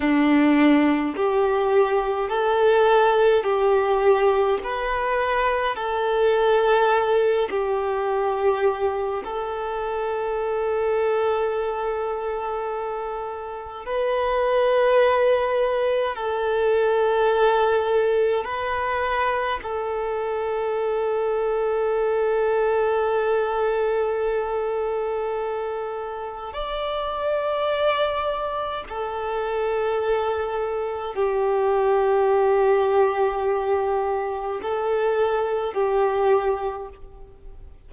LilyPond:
\new Staff \with { instrumentName = "violin" } { \time 4/4 \tempo 4 = 52 d'4 g'4 a'4 g'4 | b'4 a'4. g'4. | a'1 | b'2 a'2 |
b'4 a'2.~ | a'2. d''4~ | d''4 a'2 g'4~ | g'2 a'4 g'4 | }